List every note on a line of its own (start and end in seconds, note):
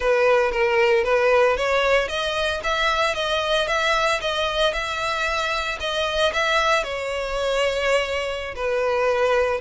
0.00 0.51 B4
0.51 1.04 A#4
1.04 1.56 B4
1.56 2.08 C#5
2.08 2.61 D#5
2.63 3.14 E5
3.14 3.67 D#5
3.67 4.20 E5
4.20 4.73 D#5
4.73 5.78 E5
5.79 6.32 D#5
6.33 6.83 E5
6.83 8.54 C#5
8.55 9.61 B4